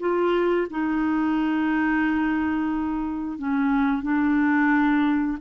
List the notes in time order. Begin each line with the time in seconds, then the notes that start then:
0.00 F4
0.70 D#4
3.38 C#4
4.03 D4